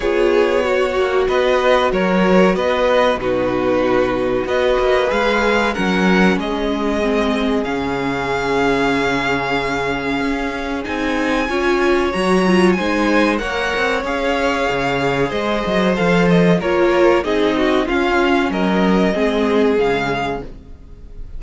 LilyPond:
<<
  \new Staff \with { instrumentName = "violin" } { \time 4/4 \tempo 4 = 94 cis''2 dis''4 cis''4 | dis''4 b'2 dis''4 | f''4 fis''4 dis''2 | f''1~ |
f''4 gis''2 ais''4 | gis''4 fis''4 f''2 | dis''4 f''8 dis''8 cis''4 dis''4 | f''4 dis''2 f''4 | }
  \new Staff \with { instrumentName = "violin" } { \time 4/4 gis'4 fis'4 b'4 ais'4 | b'4 fis'2 b'4~ | b'4 ais'4 gis'2~ | gis'1~ |
gis'2 cis''2 | c''4 cis''2. | c''2 ais'4 gis'8 fis'8 | f'4 ais'4 gis'2 | }
  \new Staff \with { instrumentName = "viola" } { \time 4/4 f'4 fis'2.~ | fis'4 dis'2 fis'4 | gis'4 cis'2 c'4 | cis'1~ |
cis'4 dis'4 f'4 fis'8 f'8 | dis'4 ais'4 gis'2~ | gis'4 a'4 f'4 dis'4 | cis'2 c'4 gis4 | }
  \new Staff \with { instrumentName = "cello" } { \time 4/4 b4. ais8 b4 fis4 | b4 b,2 b8 ais8 | gis4 fis4 gis2 | cis1 |
cis'4 c'4 cis'4 fis4 | gis4 ais8 c'8 cis'4 cis4 | gis8 fis8 f4 ais4 c'4 | cis'4 fis4 gis4 cis4 | }
>>